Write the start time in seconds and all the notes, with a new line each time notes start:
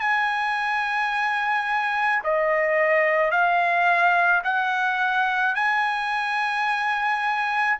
0.00 G#5
2.23 D#5
3.31 F5
4.43 F#5
5.55 G#5